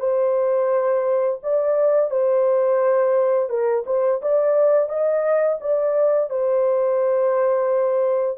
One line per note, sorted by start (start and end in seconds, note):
0.00 1.40 C5
1.43 2.11 D5
2.11 3.49 C5
3.49 3.84 A#4
3.86 4.21 C5
4.22 4.89 D5
4.89 5.59 D#5
5.61 6.30 D5
6.30 8.38 C5